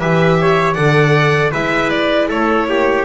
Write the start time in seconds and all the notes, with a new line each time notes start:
0.00 E3 G4 B4 E5
0.41 C#5
0.74 D3 A4 D5 F#5
1.52 G#3 E4 B4 E5
1.90 D5
2.29 A3 A4 C#5
2.69 A#3 G4